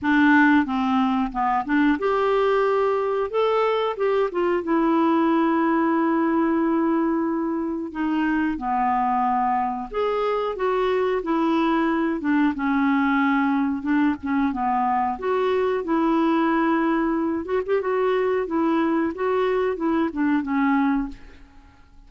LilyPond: \new Staff \with { instrumentName = "clarinet" } { \time 4/4 \tempo 4 = 91 d'4 c'4 b8 d'8 g'4~ | g'4 a'4 g'8 f'8 e'4~ | e'1 | dis'4 b2 gis'4 |
fis'4 e'4. d'8 cis'4~ | cis'4 d'8 cis'8 b4 fis'4 | e'2~ e'8 fis'16 g'16 fis'4 | e'4 fis'4 e'8 d'8 cis'4 | }